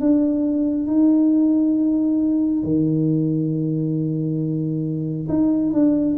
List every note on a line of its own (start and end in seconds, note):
0.00 0.87 D4
0.87 2.63 D#4
2.63 5.28 D#3
5.28 5.72 D#4
5.72 6.16 D4